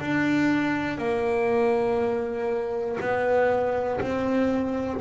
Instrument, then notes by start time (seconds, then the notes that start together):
double bass
0.00 D4
0.97 A#3
3.00 B3
4.00 C4